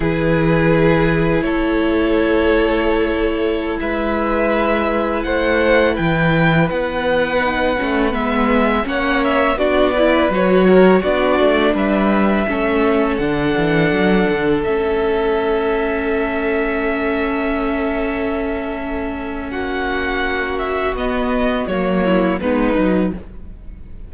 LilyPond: <<
  \new Staff \with { instrumentName = "violin" } { \time 4/4 \tempo 4 = 83 b'2 cis''2~ | cis''4~ cis''16 e''2 fis''8.~ | fis''16 g''4 fis''2 e''8.~ | e''16 fis''8 e''8 d''4 cis''4 d''8.~ |
d''16 e''2 fis''4.~ fis''16~ | fis''16 e''2.~ e''8.~ | e''2. fis''4~ | fis''8 e''8 dis''4 cis''4 b'4 | }
  \new Staff \with { instrumentName = "violin" } { \time 4/4 gis'2 a'2~ | a'4~ a'16 b'2 c''8.~ | c''16 b'2.~ b'8.~ | b'16 cis''4 fis'8 b'4 ais'8 fis'8.~ |
fis'16 b'4 a'2~ a'8.~ | a'1~ | a'2. fis'4~ | fis'2~ fis'8 e'8 dis'4 | }
  \new Staff \with { instrumentName = "viola" } { \time 4/4 e'1~ | e'1~ | e'2~ e'16 dis'8 cis'8 b8.~ | b16 cis'4 d'8 e'8 fis'4 d'8.~ |
d'4~ d'16 cis'4 d'4.~ d'16~ | d'16 cis'2.~ cis'8.~ | cis'1~ | cis'4 b4 ais4 b8 dis'8 | }
  \new Staff \with { instrumentName = "cello" } { \time 4/4 e2 a2~ | a4~ a16 gis2 a8.~ | a16 e4 b4. a8 gis8.~ | gis16 ais4 b4 fis4 b8 a16~ |
a16 g4 a4 d8 e8 fis8 d16~ | d16 a2.~ a8.~ | a2. ais4~ | ais4 b4 fis4 gis8 fis8 | }
>>